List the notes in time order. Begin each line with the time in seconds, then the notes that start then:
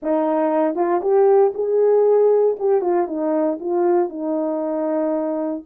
0.02 D#4
0.75 F4
1.01 G4
1.54 G#4
2.59 G4
2.81 F4
3.07 D#4
3.59 F4
4.09 D#4